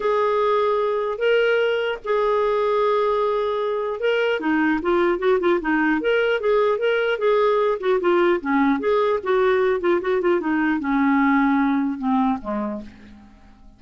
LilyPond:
\new Staff \with { instrumentName = "clarinet" } { \time 4/4 \tempo 4 = 150 gis'2. ais'4~ | ais'4 gis'2.~ | gis'2 ais'4 dis'4 | f'4 fis'8 f'8 dis'4 ais'4 |
gis'4 ais'4 gis'4. fis'8 | f'4 cis'4 gis'4 fis'4~ | fis'8 f'8 fis'8 f'8 dis'4 cis'4~ | cis'2 c'4 gis4 | }